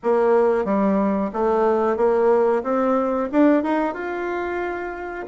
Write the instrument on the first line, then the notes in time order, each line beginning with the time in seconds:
bassoon
0.03 A#3
0.64 G3
1.33 A3
1.96 A#3
2.63 C4
3.31 D4
3.63 D#4
3.94 F4